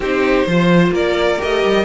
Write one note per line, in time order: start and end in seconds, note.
0.00 0.45 C4
0.00 0.48 D#4
0.00 0.46 G4
0.00 0.94 C5
0.46 0.91 F3
0.46 1.38 F4
0.46 0.92 C5
0.91 1.37 A#3
0.91 1.85 A#4
0.91 1.41 D5
1.38 1.64 A3
1.38 1.84 G4
1.38 1.85 D#5
1.64 1.85 G3